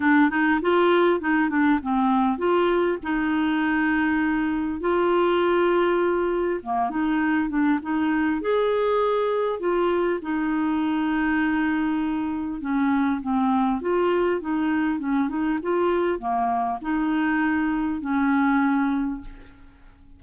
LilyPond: \new Staff \with { instrumentName = "clarinet" } { \time 4/4 \tempo 4 = 100 d'8 dis'8 f'4 dis'8 d'8 c'4 | f'4 dis'2. | f'2. ais8 dis'8~ | dis'8 d'8 dis'4 gis'2 |
f'4 dis'2.~ | dis'4 cis'4 c'4 f'4 | dis'4 cis'8 dis'8 f'4 ais4 | dis'2 cis'2 | }